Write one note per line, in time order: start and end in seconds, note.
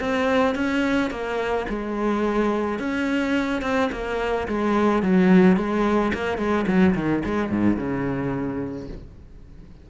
0.00 0.55 C4
0.55 1.11 C#4
1.11 1.66 A#3
1.69 2.79 G#3
2.79 3.62 C#4
3.62 3.90 C4
3.92 4.47 A#3
4.48 5.03 G#3
5.03 5.57 F#3
5.57 6.12 G#3
6.14 6.38 A#3
6.38 6.65 G#3
6.67 6.95 F#3
6.95 7.23 D#3
7.25 7.50 G#3
7.50 7.77 G#2
7.77 8.88 C#3